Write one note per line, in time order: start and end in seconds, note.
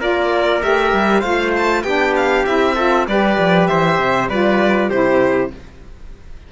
0.00 0.62 A#3
0.00 0.61 F4
0.00 1.21 A#4
0.00 0.63 D5
0.61 0.94 A3
0.61 1.22 G4
0.61 1.21 E5
0.94 1.23 G3
1.21 1.84 A3
1.21 1.84 F4
1.21 1.82 C5
1.21 1.52 F5
1.57 1.83 A5
1.83 2.45 B3
1.83 2.47 D4
1.83 2.75 G4
1.83 2.14 G5
2.17 2.46 F5
2.46 3.08 C4
2.46 2.77 E4
2.46 3.07 E5
2.75 3.08 F4
2.75 3.06 A4
3.08 3.38 G3
3.08 4.31 G4
3.08 3.70 B4
3.08 3.68 D5
3.39 3.69 F3
3.68 3.99 E3
3.68 4.30 C5
3.68 4.29 E5
3.99 4.29 C3
4.29 4.90 G3
4.29 4.91 F4
4.29 4.90 B4
4.29 4.90 D5
4.90 5.51 C3
4.90 5.53 E4
4.90 5.51 G4
4.90 5.51 C5